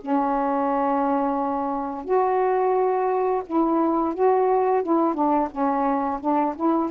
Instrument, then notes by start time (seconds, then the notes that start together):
saxophone
0.00 C#4
2.04 F#4
3.46 E4
4.14 F#4
4.82 E4
5.14 D4
5.50 C#4
6.20 D4
6.55 E4